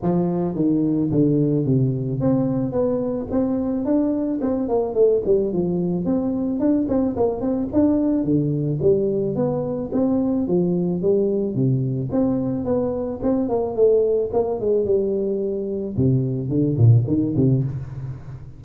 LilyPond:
\new Staff \with { instrumentName = "tuba" } { \time 4/4 \tempo 4 = 109 f4 dis4 d4 c4 | c'4 b4 c'4 d'4 | c'8 ais8 a8 g8 f4 c'4 | d'8 c'8 ais8 c'8 d'4 d4 |
g4 b4 c'4 f4 | g4 c4 c'4 b4 | c'8 ais8 a4 ais8 gis8 g4~ | g4 c4 d8 ais,8 dis8 c8 | }